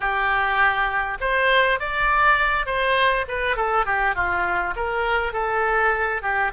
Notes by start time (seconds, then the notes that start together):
0.00 G4
1.20 C5
1.79 D5
2.66 C5
3.28 B4
3.56 A4
3.85 G4
4.15 F4
4.76 A#4
5.32 A4
6.22 G4